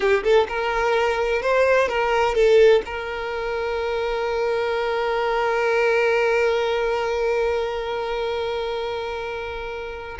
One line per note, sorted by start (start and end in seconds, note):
0.00 0.23 G4
0.23 0.47 A4
0.48 1.42 A#4
1.42 1.88 C5
1.88 2.35 A#4
2.35 2.82 A4
2.85 10.17 A#4